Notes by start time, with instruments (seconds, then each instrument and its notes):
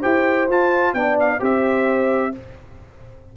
0.00 tuba E4, trombone G4, horn C5, trumpet G5
0.49 tuba F4, trombone F4, trumpet A5
0.94 tuba B3, trombone D4, horn D5, trumpet G5
1.20 trumpet F5
1.40 tuba C4, trombone G4, horn C5, trumpet E5